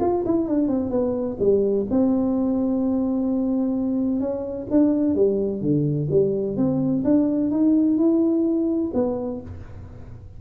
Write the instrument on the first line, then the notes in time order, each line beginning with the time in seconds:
tuba
0.00 F4
0.25 E4
0.48 D4
0.68 C4
0.90 B3
1.39 G3
1.90 C4
4.20 C#4
4.70 D4
5.15 G3
5.61 D3
6.10 G3
6.56 C4
7.04 D4
7.50 D#4
7.97 E4
8.94 B3